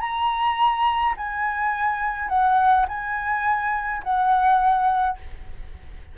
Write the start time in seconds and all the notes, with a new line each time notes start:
0.00 A#5
1.17 G#5
2.28 F#5
2.88 G#5
4.03 F#5